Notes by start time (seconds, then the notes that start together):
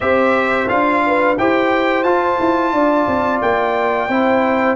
0.00 C4 G4 C5 E5
0.68 D4 F4 F5
1.06 B4
1.37 E4 G4 C5 G5
2.03 F4 A5
2.39 E4
2.72 D4 D5
3.07 C4
3.41 A#3 G5
4.08 C4 E4 C5